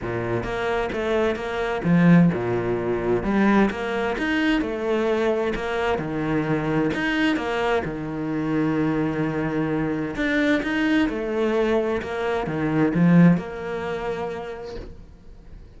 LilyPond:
\new Staff \with { instrumentName = "cello" } { \time 4/4 \tempo 4 = 130 ais,4 ais4 a4 ais4 | f4 ais,2 g4 | ais4 dis'4 a2 | ais4 dis2 dis'4 |
ais4 dis2.~ | dis2 d'4 dis'4 | a2 ais4 dis4 | f4 ais2. | }